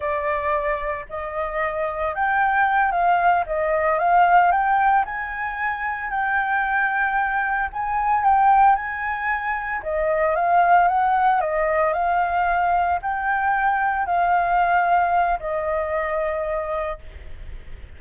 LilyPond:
\new Staff \with { instrumentName = "flute" } { \time 4/4 \tempo 4 = 113 d''2 dis''2 | g''4. f''4 dis''4 f''8~ | f''8 g''4 gis''2 g''8~ | g''2~ g''8 gis''4 g''8~ |
g''8 gis''2 dis''4 f''8~ | f''8 fis''4 dis''4 f''4.~ | f''8 g''2 f''4.~ | f''4 dis''2. | }